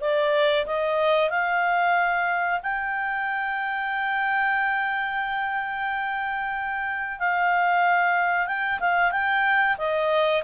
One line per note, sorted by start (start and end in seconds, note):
0.00 0.65 D5
0.66 1.30 D#5
1.30 2.60 F5
2.63 7.19 G5
7.19 8.47 F5
8.47 8.79 G5
8.80 9.12 F5
9.12 9.77 G5
9.78 10.43 D#5